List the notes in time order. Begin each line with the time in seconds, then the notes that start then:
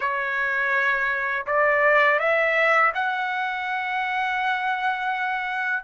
0.00 C#5
1.46 D5
2.19 E5
2.94 F#5